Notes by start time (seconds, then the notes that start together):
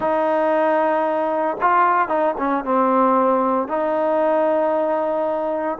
0.00 D#4
1.61 F4
2.08 D#4
2.38 C#4
2.64 C4
3.68 D#4